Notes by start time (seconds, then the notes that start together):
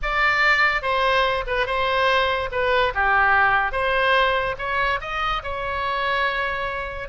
0.02 D5
0.81 C5
1.46 B4
1.66 C5
2.51 B4
2.94 G4
3.72 C5
4.58 C#5
5.00 D#5
5.43 C#5